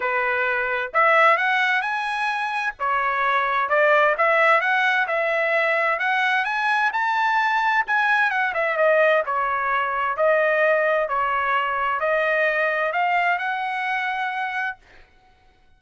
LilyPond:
\new Staff \with { instrumentName = "trumpet" } { \time 4/4 \tempo 4 = 130 b'2 e''4 fis''4 | gis''2 cis''2 | d''4 e''4 fis''4 e''4~ | e''4 fis''4 gis''4 a''4~ |
a''4 gis''4 fis''8 e''8 dis''4 | cis''2 dis''2 | cis''2 dis''2 | f''4 fis''2. | }